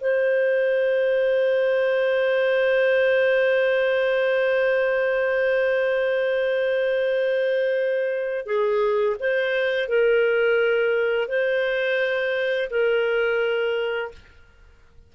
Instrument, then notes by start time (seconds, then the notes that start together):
clarinet
0.00 C5
8.45 G#4
9.19 C5
9.88 A#4
11.27 C5
12.70 A#4